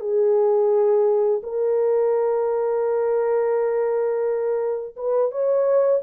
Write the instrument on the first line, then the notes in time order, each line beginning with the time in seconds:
horn
0.00 G#4
1.42 A#4
4.96 B4
5.31 C#5